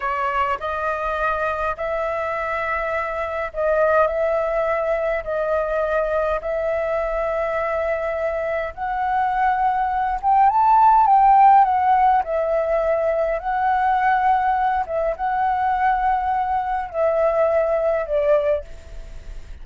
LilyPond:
\new Staff \with { instrumentName = "flute" } { \time 4/4 \tempo 4 = 103 cis''4 dis''2 e''4~ | e''2 dis''4 e''4~ | e''4 dis''2 e''4~ | e''2. fis''4~ |
fis''4. g''8 a''4 g''4 | fis''4 e''2 fis''4~ | fis''4. e''8 fis''2~ | fis''4 e''2 d''4 | }